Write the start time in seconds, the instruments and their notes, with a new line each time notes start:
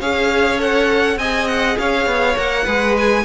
0.00 cello C#4, viola G#4, violin C#5 F5
0.58 viola A4, violin F#5
1.17 cello C4, viola G#4, violin D#5 G#5
1.48 violin F#5
1.79 cello C#4, violin C#5 F5
2.06 cello B3
2.36 cello A#3, viola A#4, violin F#5
2.65 cello G#3, viola G#4, violin B4
2.97 violin G#5